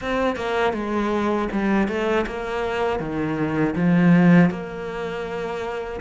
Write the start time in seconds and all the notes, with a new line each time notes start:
0.01 C4
0.36 A#3
0.73 G#3
1.52 G3
1.88 A3
2.26 A#3
2.99 D#3
3.75 F3
4.50 A#3